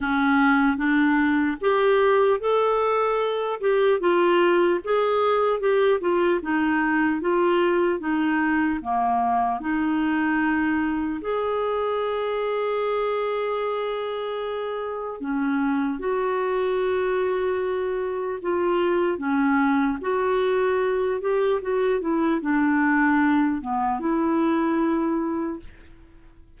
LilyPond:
\new Staff \with { instrumentName = "clarinet" } { \time 4/4 \tempo 4 = 75 cis'4 d'4 g'4 a'4~ | a'8 g'8 f'4 gis'4 g'8 f'8 | dis'4 f'4 dis'4 ais4 | dis'2 gis'2~ |
gis'2. cis'4 | fis'2. f'4 | cis'4 fis'4. g'8 fis'8 e'8 | d'4. b8 e'2 | }